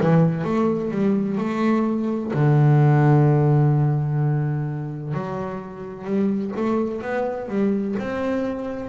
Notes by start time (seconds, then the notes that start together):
0.00 E3
0.44 A3
0.90 G3
1.38 A3
2.33 D3
5.13 F#3
6.04 G3
6.56 A3
7.01 B3
7.48 G3
7.99 C4